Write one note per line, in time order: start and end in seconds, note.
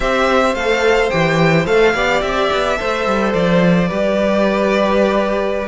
0.00 0.54 C4
0.00 0.56 G4
0.00 1.94 C5
0.00 0.54 E5
0.54 1.10 A3
0.54 1.10 A4
0.54 1.10 F5
1.10 1.66 E3
1.10 1.66 G4
1.10 1.65 G5
1.66 1.94 A3
1.66 1.93 A4
1.66 2.21 F5
1.94 2.22 B3
1.94 2.77 G4
1.94 2.78 D5
2.21 2.50 C4
2.21 3.32 E5
2.51 2.79 B3
2.77 3.06 A3
2.77 3.88 A4
2.77 3.88 C5
3.06 3.34 G3
3.33 3.89 F3
3.33 5.68 D5
3.88 5.68 G3
3.88 5.68 G4
3.88 5.68 B4